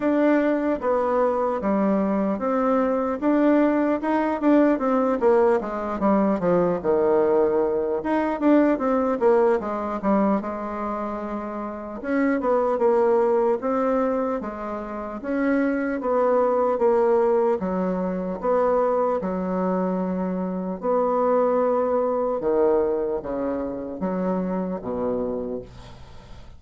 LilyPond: \new Staff \with { instrumentName = "bassoon" } { \time 4/4 \tempo 4 = 75 d'4 b4 g4 c'4 | d'4 dis'8 d'8 c'8 ais8 gis8 g8 | f8 dis4. dis'8 d'8 c'8 ais8 | gis8 g8 gis2 cis'8 b8 |
ais4 c'4 gis4 cis'4 | b4 ais4 fis4 b4 | fis2 b2 | dis4 cis4 fis4 b,4 | }